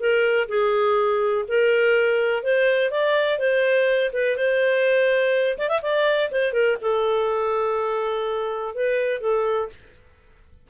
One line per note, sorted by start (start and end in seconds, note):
0.00 0.48 A#4
0.49 1.46 G#4
1.48 2.44 A#4
2.44 2.91 C5
2.91 3.39 D5
3.39 4.12 C5
4.13 4.37 B4
4.37 5.58 C5
5.59 5.69 D5
5.69 5.81 E5
5.82 6.31 D5
6.32 6.53 C5
6.53 6.77 A#4
6.82 8.75 A4
8.75 9.21 B4
9.21 9.69 A4